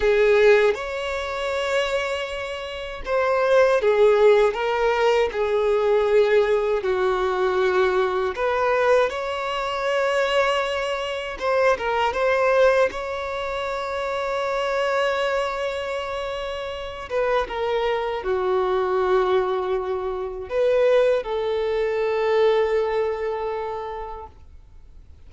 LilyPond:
\new Staff \with { instrumentName = "violin" } { \time 4/4 \tempo 4 = 79 gis'4 cis''2. | c''4 gis'4 ais'4 gis'4~ | gis'4 fis'2 b'4 | cis''2. c''8 ais'8 |
c''4 cis''2.~ | cis''2~ cis''8 b'8 ais'4 | fis'2. b'4 | a'1 | }